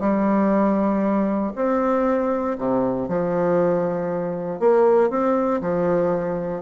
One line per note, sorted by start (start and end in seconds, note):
0.00 1.53 G3
1.55 2.57 C4
2.58 3.08 C3
3.08 4.59 F3
4.59 5.10 A#3
5.10 5.61 C4
5.61 6.62 F3